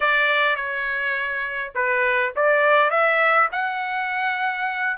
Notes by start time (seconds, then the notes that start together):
0.00 D5
0.56 C#5
1.74 B4
2.35 D5
2.90 E5
3.52 F#5